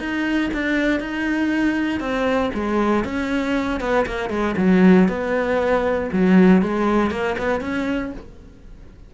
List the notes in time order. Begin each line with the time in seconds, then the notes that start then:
0.00 D#4
0.54 D4
1.01 D#4
2.01 C4
2.54 G#3
3.05 C#4
3.81 B3
4.07 A#3
4.30 G#3
4.58 F#3
5.09 B3
6.13 F#3
6.62 G#3
7.11 A#3
7.38 B3
7.62 C#4